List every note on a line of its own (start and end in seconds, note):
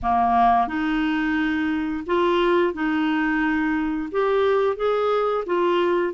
0.02 0.67 A#3
0.67 2.04 D#4
2.06 2.73 F4
2.73 4.09 D#4
4.11 4.76 G4
4.76 5.44 G#4
5.45 6.13 F4